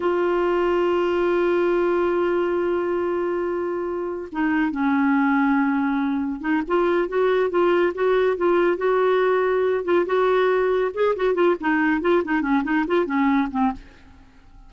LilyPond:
\new Staff \with { instrumentName = "clarinet" } { \time 4/4 \tempo 4 = 140 f'1~ | f'1~ | f'2 dis'4 cis'4~ | cis'2. dis'8 f'8~ |
f'8 fis'4 f'4 fis'4 f'8~ | f'8 fis'2~ fis'8 f'8 fis'8~ | fis'4. gis'8 fis'8 f'8 dis'4 | f'8 dis'8 cis'8 dis'8 f'8 cis'4 c'8 | }